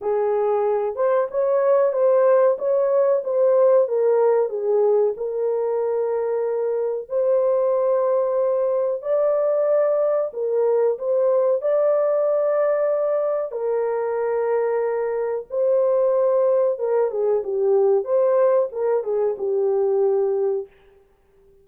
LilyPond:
\new Staff \with { instrumentName = "horn" } { \time 4/4 \tempo 4 = 93 gis'4. c''8 cis''4 c''4 | cis''4 c''4 ais'4 gis'4 | ais'2. c''4~ | c''2 d''2 |
ais'4 c''4 d''2~ | d''4 ais'2. | c''2 ais'8 gis'8 g'4 | c''4 ais'8 gis'8 g'2 | }